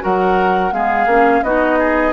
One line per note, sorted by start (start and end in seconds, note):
0.00 0.72 F#3
0.00 0.71 F#4
0.00 0.74 A#4
0.00 0.73 F#5
0.72 1.06 G#3
0.72 1.07 B3
0.72 1.44 G#4
0.72 1.43 F5
1.06 1.41 A#3
1.06 1.44 C#4
1.42 2.13 B3
1.42 2.13 D#4
1.42 1.79 F#4
1.42 2.13 D#5
1.79 2.13 G#4